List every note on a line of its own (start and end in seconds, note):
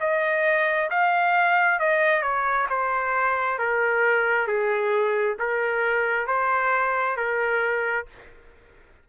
0.00 0.90 D#5
0.90 1.79 F5
1.79 2.22 D#5
2.22 2.67 C#5
2.69 3.58 C5
3.58 4.47 A#4
4.47 5.36 G#4
5.39 6.27 A#4
6.27 7.16 C5
7.16 8.06 A#4